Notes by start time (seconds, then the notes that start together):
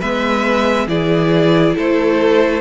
0.00 G#3 B3 B4 E5
0.87 E3 E4 G#4 D5
1.76 A3 A4 C5